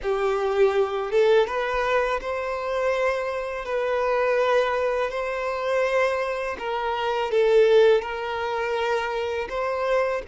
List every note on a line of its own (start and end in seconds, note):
0.02 1.11 G4
1.11 1.46 A4
1.46 2.20 B4
2.20 3.65 C5
3.65 5.10 B4
5.10 6.56 C5
6.59 7.31 A#4
7.31 8.01 A4
8.01 9.48 A#4
9.49 10.22 C5